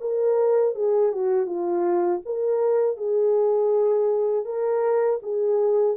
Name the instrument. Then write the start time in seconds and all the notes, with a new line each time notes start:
horn
0.00 A#4
0.75 G#4
1.12 F#4
1.46 F4
2.25 A#4
2.97 G#4
4.45 A#4
5.22 G#4